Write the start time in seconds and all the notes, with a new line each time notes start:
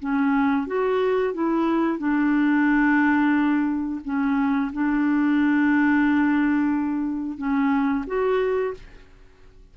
0.00 C#4
0.67 F#4
1.34 E4
1.99 D4
4.05 C#4
4.73 D4
7.38 C#4
8.07 F#4